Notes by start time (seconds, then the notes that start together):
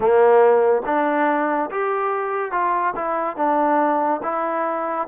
0.00 A#3
0.85 D4
1.71 G4
2.51 F4
2.95 E4
3.36 D4
4.23 E4